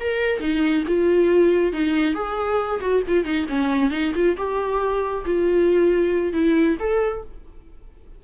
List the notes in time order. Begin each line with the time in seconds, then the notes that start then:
0.00 A#4
0.40 D#4
0.87 F4
1.72 D#4
2.14 G#4
2.80 F#4
3.07 F4
3.24 D#4
3.49 C#4
3.90 D#4
4.15 F4
4.37 G4
5.25 F4
6.33 E4
6.79 A4